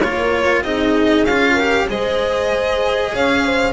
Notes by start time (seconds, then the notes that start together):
0.00 A#3 F4 A#4 C#5
0.62 C4 D#4 G#4 D#5
1.25 C#4 F4 F5
1.53 G4 A#4
1.88 G#3 G#4 C5 D#5
3.12 C#4 C#5 F5
3.45 C5